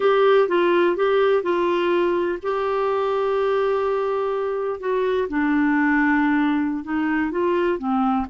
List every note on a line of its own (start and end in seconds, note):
0.00 0.48 G4
0.48 0.96 F4
0.96 1.42 G4
1.42 2.38 F4
2.42 4.80 G4
4.80 5.28 F#4
5.28 6.84 D4
6.84 7.31 D#4
7.31 7.78 F4
7.78 8.26 C4